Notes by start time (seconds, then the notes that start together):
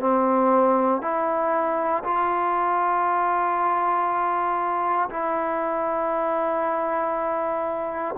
0.00 C4
1.02 E4
2.04 F4
5.10 E4